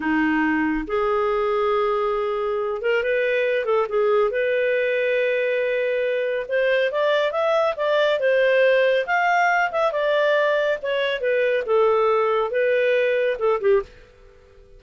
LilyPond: \new Staff \with { instrumentName = "clarinet" } { \time 4/4 \tempo 4 = 139 dis'2 gis'2~ | gis'2~ gis'8 ais'8 b'4~ | b'8 a'8 gis'4 b'2~ | b'2. c''4 |
d''4 e''4 d''4 c''4~ | c''4 f''4. e''8 d''4~ | d''4 cis''4 b'4 a'4~ | a'4 b'2 a'8 g'8 | }